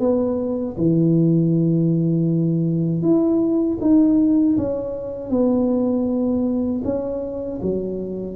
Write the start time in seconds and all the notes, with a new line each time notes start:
0.00 B3
0.78 E3
3.02 E4
3.81 D#4
4.58 C#4
5.31 B3
6.85 C#4
7.63 F#3